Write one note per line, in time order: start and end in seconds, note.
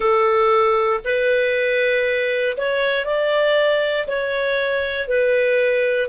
0.00 1.00 A4
1.04 2.57 B4
2.57 3.05 C#5
3.05 4.07 D5
4.07 5.08 C#5
5.08 6.08 B4